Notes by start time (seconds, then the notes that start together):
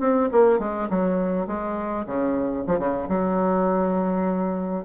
0.00 C4
0.32 A#3
0.59 G#3
0.90 F#3
1.47 G#3
2.06 C#3
2.67 F3
2.79 C#3
3.09 F#3